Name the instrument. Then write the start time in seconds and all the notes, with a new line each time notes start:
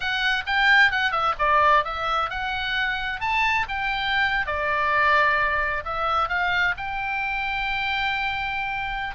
oboe
0.00 F#5
0.46 G5
0.91 F#5
1.11 E5
1.38 D5
1.84 E5
2.30 F#5
3.20 A5
3.68 G5
4.46 D5
5.84 E5
6.29 F5
6.77 G5